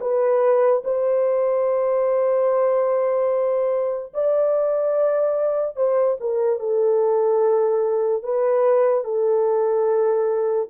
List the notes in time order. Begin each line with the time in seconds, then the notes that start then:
0.00 B4
0.84 C5
4.13 D5
5.76 C5
6.20 A#4
6.59 A4
8.23 B4
9.04 A4